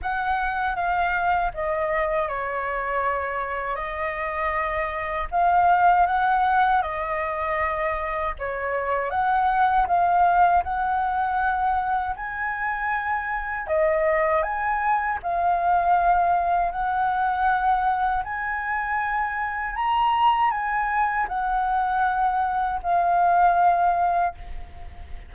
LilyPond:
\new Staff \with { instrumentName = "flute" } { \time 4/4 \tempo 4 = 79 fis''4 f''4 dis''4 cis''4~ | cis''4 dis''2 f''4 | fis''4 dis''2 cis''4 | fis''4 f''4 fis''2 |
gis''2 dis''4 gis''4 | f''2 fis''2 | gis''2 ais''4 gis''4 | fis''2 f''2 | }